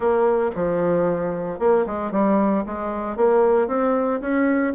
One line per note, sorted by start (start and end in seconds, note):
0.00 0.50 A#3
0.55 1.59 F3
1.59 1.85 A#3
1.86 2.11 G#3
2.11 2.64 G3
2.66 3.16 G#3
3.16 3.67 A#3
3.67 4.20 C4
4.20 4.73 C#4